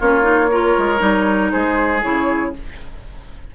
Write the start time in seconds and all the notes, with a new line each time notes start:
0.00 A#3 C#4 F4 C#5
0.22 D#4
0.51 F4 A#4
0.78 G#3
0.99 G3 D#4
1.52 G#3 G#4 C5
2.03 C#3 E4 C#5